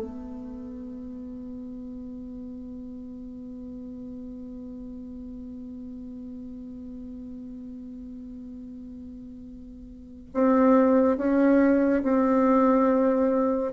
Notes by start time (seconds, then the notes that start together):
0.00 B3
10.34 C4
11.17 C#4
12.02 C4